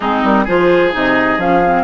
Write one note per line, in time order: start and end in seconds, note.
0.00 0.23 G#3
0.00 0.47 C4
0.00 0.43 D#4
0.00 0.22 G#4
0.23 0.46 G3
0.23 0.47 A#4
0.43 0.93 F3
0.43 0.92 F4
0.43 1.83 G#4
0.43 0.93 C5
0.92 1.37 C3
0.92 1.38 D#4
0.92 1.40 D#5
1.37 1.83 F3
1.37 1.62 C#4
1.37 1.83 F5
1.65 1.83 C4